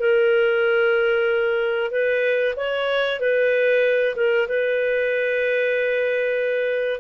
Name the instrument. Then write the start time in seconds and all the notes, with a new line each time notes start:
clarinet
0.00 A#4
1.91 B4
2.56 C#5
3.20 B4
4.16 A#4
4.48 B4